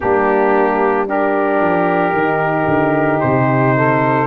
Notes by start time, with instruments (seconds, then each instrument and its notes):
0.00 tuba G3, horn A#3, saxophone D4, trumpet G4
1.07 horn D4, saxophone G4, trumpet A#4
1.60 tuba F3
2.12 tuba D#3, horn D#4
2.67 tuba D3
3.20 tuba C3, trumpet C5
3.76 saxophone A4